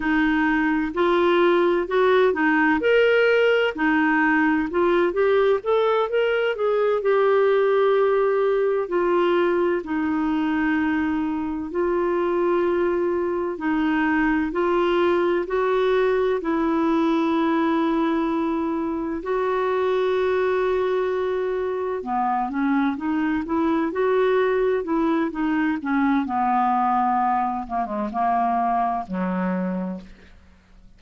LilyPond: \new Staff \with { instrumentName = "clarinet" } { \time 4/4 \tempo 4 = 64 dis'4 f'4 fis'8 dis'8 ais'4 | dis'4 f'8 g'8 a'8 ais'8 gis'8 g'8~ | g'4. f'4 dis'4.~ | dis'8 f'2 dis'4 f'8~ |
f'8 fis'4 e'2~ e'8~ | e'8 fis'2. b8 | cis'8 dis'8 e'8 fis'4 e'8 dis'8 cis'8 | b4. ais16 gis16 ais4 fis4 | }